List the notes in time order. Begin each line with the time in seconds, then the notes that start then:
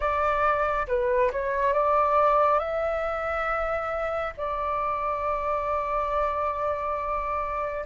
0.00 D5
0.87 B4
1.32 C#5
1.73 D5
2.59 E5
4.37 D5